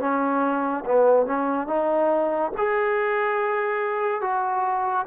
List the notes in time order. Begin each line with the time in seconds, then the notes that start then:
0.00 C#4
0.86 B3
1.27 C#4
1.67 D#4
2.58 G#4
4.22 F#4